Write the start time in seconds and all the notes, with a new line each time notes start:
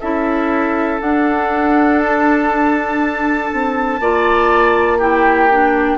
0.00 C#4 E4 A4 E5
0.99 D4 F#5
1.99 A5
3.52 C4
4.00 A#3 F4 D5
4.98 E4 G4 G5
5.51 D4